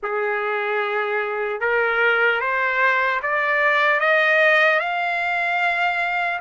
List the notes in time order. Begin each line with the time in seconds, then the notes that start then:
0.02 G#4
1.60 A#4
2.40 C5
3.22 D5
4.00 D#5
4.79 F5